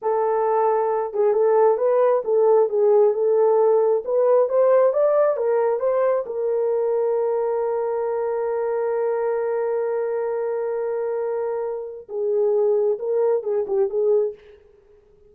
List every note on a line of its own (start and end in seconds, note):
0.02 1.13 A4
1.13 1.33 G#4
1.33 1.77 A4
1.77 2.22 B4
2.24 2.69 A4
2.69 3.13 G#4
3.13 4.03 A4
4.04 4.49 B4
4.49 4.93 C5
4.93 5.36 D5
5.36 5.79 A#4
5.79 6.24 C5
6.26 12.08 A#4
12.09 12.98 G#4
12.98 13.43 A#4
13.43 13.65 G#4
13.67 13.89 G4
13.89 14.34 G#4